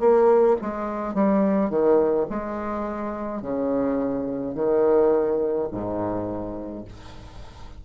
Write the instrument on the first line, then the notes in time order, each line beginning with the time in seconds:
bassoon
0.00 A#3
0.62 G#3
1.14 G3
1.70 D#3
2.30 G#3
3.42 C#3
4.55 D#3
5.72 G#2